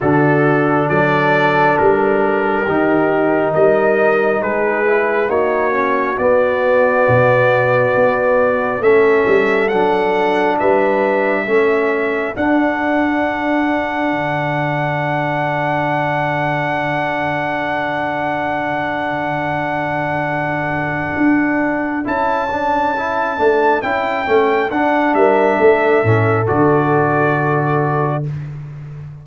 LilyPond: <<
  \new Staff \with { instrumentName = "trumpet" } { \time 4/4 \tempo 4 = 68 a'4 d''4 ais'2 | dis''4 b'4 cis''4 d''4~ | d''2 e''4 fis''4 | e''2 fis''2~ |
fis''1~ | fis''1~ | fis''4 a''2 g''4 | fis''8 e''4. d''2 | }
  \new Staff \with { instrumentName = "horn" } { \time 4/4 fis'4 a'2 g'4 | ais'4 gis'4 fis'2~ | fis'2 a'2 | b'4 a'2.~ |
a'1~ | a'1~ | a'1~ | a'8 ais'8 a'2. | }
  \new Staff \with { instrumentName = "trombone" } { \time 4/4 d'2. dis'4~ | dis'4. e'8 dis'8 cis'8 b4~ | b2 cis'4 d'4~ | d'4 cis'4 d'2~ |
d'1~ | d'1~ | d'4 e'8 d'8 e'8 d'8 e'8 cis'8 | d'4. cis'8 fis'2 | }
  \new Staff \with { instrumentName = "tuba" } { \time 4/4 d4 fis4 g4 dis4 | g4 gis4 ais4 b4 | b,4 b4 a8 g8 fis4 | g4 a4 d'2 |
d1~ | d1 | d'4 cis'4. a8 cis'8 a8 | d'8 g8 a8 a,8 d2 | }
>>